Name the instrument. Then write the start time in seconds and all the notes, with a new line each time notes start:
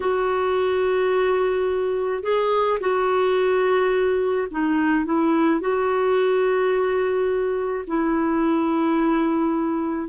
clarinet
0.00 F#4
2.23 G#4
2.80 F#4
4.51 D#4
5.05 E4
5.60 F#4
7.87 E4